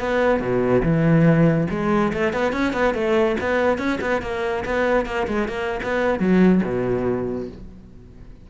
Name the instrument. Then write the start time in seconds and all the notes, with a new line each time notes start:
cello
0.00 B3
0.40 B2
0.83 E3
1.71 G#3
2.13 A3
2.33 B3
2.53 C#4
2.73 B3
2.94 A3
3.40 B3
3.78 C#4
4.01 B3
4.22 A#3
4.65 B3
5.06 A#3
5.28 G#3
5.49 A#3
5.83 B3
6.20 F#3
6.64 B2